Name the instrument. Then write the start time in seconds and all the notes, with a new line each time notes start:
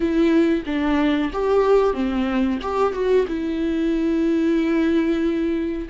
viola
0.00 E4
0.66 D4
1.32 G4
1.93 C4
2.62 G4
2.93 F#4
3.27 E4